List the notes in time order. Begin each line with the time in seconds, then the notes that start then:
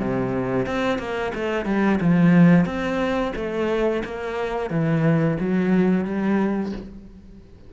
0.00 C3
0.67 C4
0.99 A#3
1.35 A3
1.66 G3
2.01 F3
2.66 C4
3.36 A3
4.05 A#3
4.71 E3
5.41 F#3
6.05 G3